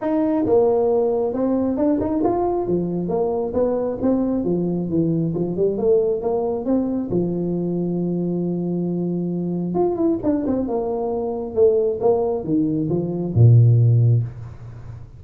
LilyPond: \new Staff \with { instrumentName = "tuba" } { \time 4/4 \tempo 4 = 135 dis'4 ais2 c'4 | d'8 dis'8 f'4 f4 ais4 | b4 c'4 f4 e4 | f8 g8 a4 ais4 c'4 |
f1~ | f2 f'8 e'8 d'8 c'8 | ais2 a4 ais4 | dis4 f4 ais,2 | }